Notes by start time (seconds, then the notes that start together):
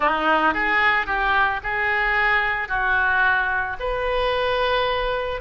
0.00 D#4
0.54 G#4
1.06 G4
1.63 G#4
2.68 F#4
3.79 B4